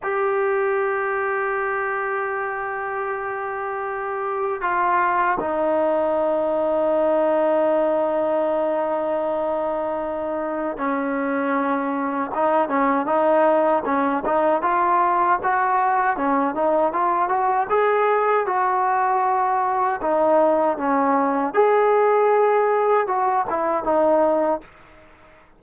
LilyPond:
\new Staff \with { instrumentName = "trombone" } { \time 4/4 \tempo 4 = 78 g'1~ | g'2 f'4 dis'4~ | dis'1~ | dis'2 cis'2 |
dis'8 cis'8 dis'4 cis'8 dis'8 f'4 | fis'4 cis'8 dis'8 f'8 fis'8 gis'4 | fis'2 dis'4 cis'4 | gis'2 fis'8 e'8 dis'4 | }